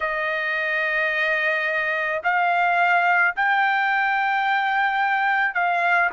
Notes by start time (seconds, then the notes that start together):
0.00 D#5
2.23 F5
3.36 G5
5.54 F5